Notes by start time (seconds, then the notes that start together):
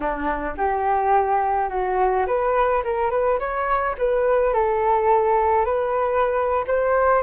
0.00 D4
0.57 G4
1.69 F#4
2.26 B4
2.84 A#4
3.10 B4
3.39 C#5
3.98 B4
4.53 A4
5.65 B4
6.67 C5